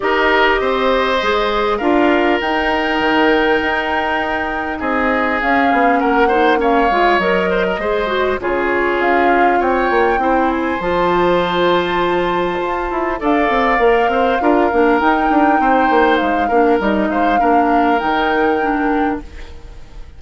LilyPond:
<<
  \new Staff \with { instrumentName = "flute" } { \time 4/4 \tempo 4 = 100 dis''2. f''4 | g''1 | dis''4 f''4 fis''4 f''4 | dis''2 cis''4 f''4 |
g''4. gis''8 a''2~ | a''2 f''2~ | f''4 g''2 f''4 | dis''8 f''4. g''2 | }
  \new Staff \with { instrumentName = "oboe" } { \time 4/4 ais'4 c''2 ais'4~ | ais'1 | gis'2 ais'8 c''8 cis''4~ | cis''8 c''16 ais'16 c''4 gis'2 |
cis''4 c''2.~ | c''2 d''4. c''8 | ais'2 c''4. ais'8~ | ais'8 c''8 ais'2. | }
  \new Staff \with { instrumentName = "clarinet" } { \time 4/4 g'2 gis'4 f'4 | dis'1~ | dis'4 cis'4. dis'8 cis'8 f'8 | ais'4 gis'8 fis'8 f'2~ |
f'4 e'4 f'2~ | f'2 a'4 ais'4 | f'8 d'8 dis'2~ dis'8 d'8 | dis'4 d'4 dis'4 d'4 | }
  \new Staff \with { instrumentName = "bassoon" } { \time 4/4 dis'4 c'4 gis4 d'4 | dis'4 dis4 dis'2 | c'4 cis'8 b8 ais4. gis8 | fis4 gis4 cis4 cis'4 |
c'8 ais8 c'4 f2~ | f4 f'8 e'8 d'8 c'8 ais8 c'8 | d'8 ais8 dis'8 d'8 c'8 ais8 gis8 ais8 | g8 gis8 ais4 dis2 | }
>>